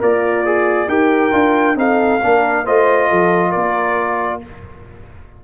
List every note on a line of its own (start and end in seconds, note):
0.00 0.87 A#3
0.00 0.89 F4
0.00 0.44 A#4
0.00 0.89 D5
0.45 0.88 G#4
0.87 1.32 D#4
0.87 1.31 G4
0.87 1.77 A#4
0.87 1.77 G5
1.31 1.76 D4
1.31 1.75 F4
1.76 2.20 C4
1.76 2.20 D#4
1.76 2.23 A4
1.76 2.67 F5
2.22 2.67 A#3
2.22 2.66 D4
2.22 2.65 A#4
2.65 3.11 A3
2.65 4.42 F4
2.65 3.09 C5
2.65 3.52 D#5
3.09 3.55 F3
3.09 3.49 A4
3.49 4.37 A#4
3.49 4.40 D5
3.56 4.44 A#3